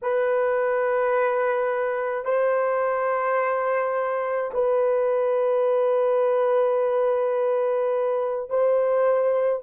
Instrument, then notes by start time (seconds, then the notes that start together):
horn
0.02 B4
2.24 C5
4.53 B4
8.49 C5